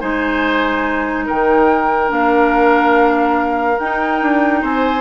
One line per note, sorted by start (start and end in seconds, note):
0.00 1.28 G#3
0.00 2.08 D#4
0.00 1.26 C5
0.00 1.26 G#5
1.26 2.10 D#3
1.26 4.61 A#4
1.26 2.11 G5
2.08 3.78 A#3
2.08 3.75 D4
2.08 3.79 F5
3.79 4.22 D#4
3.79 5.01 D#4
3.79 4.63 G5
4.22 4.63 D4
4.61 5.01 C4
4.61 5.01 C5
4.61 5.01 G#5